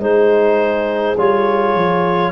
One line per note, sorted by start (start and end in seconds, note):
0.00 1.15 G#3
0.00 1.16 D#4
0.00 2.32 G#4
0.00 1.17 C5
1.18 1.75 G3
1.18 2.32 F4
1.18 2.32 C#5
1.75 2.32 F3